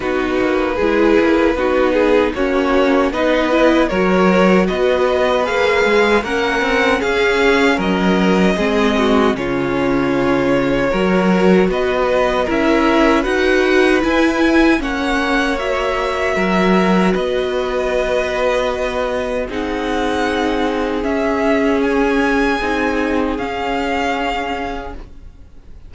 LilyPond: <<
  \new Staff \with { instrumentName = "violin" } { \time 4/4 \tempo 4 = 77 b'2. cis''4 | dis''4 cis''4 dis''4 f''4 | fis''4 f''4 dis''2 | cis''2. dis''4 |
e''4 fis''4 gis''4 fis''4 | e''2 dis''2~ | dis''4 fis''2 e''4 | gis''2 f''2 | }
  \new Staff \with { instrumentName = "violin" } { \time 4/4 fis'4 gis'4 fis'8 gis'8 fis'4 | b'4 ais'4 b'2 | ais'4 gis'4 ais'4 gis'8 fis'8 | f'2 ais'4 b'4 |
ais'4 b'2 cis''4~ | cis''4 ais'4 b'2~ | b'4 gis'2.~ | gis'1 | }
  \new Staff \with { instrumentName = "viola" } { \time 4/4 dis'4 e'4 dis'4 cis'4 | dis'8 e'8 fis'2 gis'4 | cis'2. c'4 | cis'2 fis'2 |
e'4 fis'4 e'4 cis'4 | fis'1~ | fis'4 dis'2 cis'4~ | cis'4 dis'4 cis'2 | }
  \new Staff \with { instrumentName = "cello" } { \time 4/4 b8 ais8 gis8 ais8 b4 ais4 | b4 fis4 b4 ais8 gis8 | ais8 c'8 cis'4 fis4 gis4 | cis2 fis4 b4 |
cis'4 dis'4 e'4 ais4~ | ais4 fis4 b2~ | b4 c'2 cis'4~ | cis'4 c'4 cis'2 | }
>>